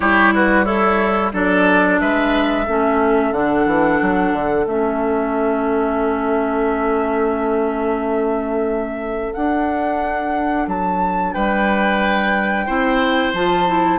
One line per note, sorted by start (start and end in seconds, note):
0.00 1.33 G3
0.00 0.65 E4
0.00 0.33 G4
0.00 0.33 C#5
0.34 0.65 F#4
0.34 0.64 B4
0.64 1.32 E4
0.64 1.32 A4
0.64 1.31 C#5
1.32 1.99 F#3
1.32 2.66 D4
1.32 2.00 A4
1.32 1.99 D5
1.99 2.67 G#3
1.99 2.65 B4
1.99 3.32 E5
2.65 3.31 A3
2.65 3.34 C#4
2.65 11.32 A4
3.31 3.65 D3
3.31 4.67 D4
3.31 4.66 F#5
3.66 3.99 E3
4.01 4.32 F#3
4.32 4.65 D3
4.66 9.32 A3
4.66 9.34 C#4
4.66 9.33 E5
9.33 12.67 D4
9.33 10.67 D4
9.33 10.67 F#5
10.67 11.33 F#3
10.67 11.33 A5
11.33 12.68 G3
11.33 12.66 B4
11.33 13.33 G5
12.66 13.33 C4
12.66 13.34 E4
12.66 13.99 C5
13.33 13.99 F3
13.33 13.67 F4
13.33 13.99 A5
13.67 13.99 E4